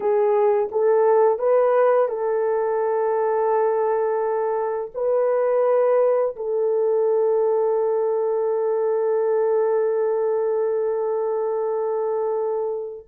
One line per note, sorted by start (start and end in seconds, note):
0.00 0.69 G#4
0.71 1.39 A4
1.39 2.08 B4
2.08 4.90 A4
4.94 6.35 B4
6.36 13.06 A4